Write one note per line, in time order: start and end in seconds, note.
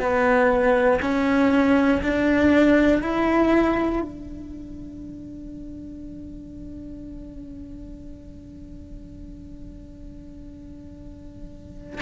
0.00 1.00 B3
1.02 2.02 C#4
2.03 3.02 D4
3.02 4.02 E4
4.02 12.02 D4